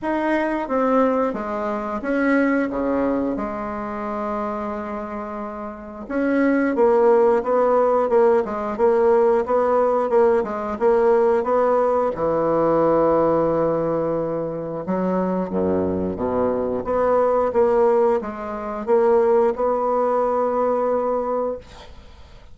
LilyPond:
\new Staff \with { instrumentName = "bassoon" } { \time 4/4 \tempo 4 = 89 dis'4 c'4 gis4 cis'4 | cis4 gis2.~ | gis4 cis'4 ais4 b4 | ais8 gis8 ais4 b4 ais8 gis8 |
ais4 b4 e2~ | e2 fis4 fis,4 | b,4 b4 ais4 gis4 | ais4 b2. | }